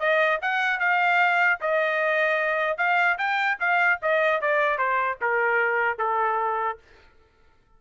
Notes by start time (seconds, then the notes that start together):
0.00 D#5
0.42 F#5
0.80 F5
1.61 D#5
2.78 F5
3.18 G5
3.60 F5
4.02 D#5
4.42 D5
4.79 C5
5.22 A#4
5.99 A4